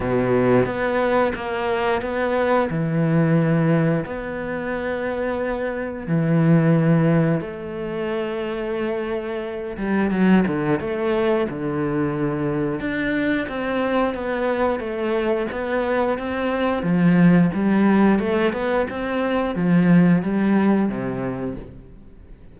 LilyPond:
\new Staff \with { instrumentName = "cello" } { \time 4/4 \tempo 4 = 89 b,4 b4 ais4 b4 | e2 b2~ | b4 e2 a4~ | a2~ a8 g8 fis8 d8 |
a4 d2 d'4 | c'4 b4 a4 b4 | c'4 f4 g4 a8 b8 | c'4 f4 g4 c4 | }